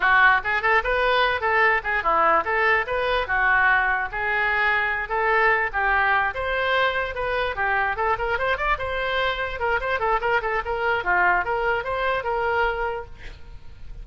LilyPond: \new Staff \with { instrumentName = "oboe" } { \time 4/4 \tempo 4 = 147 fis'4 gis'8 a'8 b'4. a'8~ | a'8 gis'8 e'4 a'4 b'4 | fis'2 gis'2~ | gis'8 a'4. g'4. c''8~ |
c''4. b'4 g'4 a'8 | ais'8 c''8 d''8 c''2 ais'8 | c''8 a'8 ais'8 a'8 ais'4 f'4 | ais'4 c''4 ais'2 | }